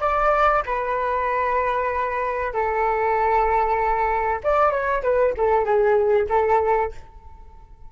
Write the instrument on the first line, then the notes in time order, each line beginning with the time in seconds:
flute
0.00 D5
0.65 B4
2.53 A4
4.43 D5
4.71 C#5
5.02 B4
5.37 A4
5.64 G#4
6.29 A4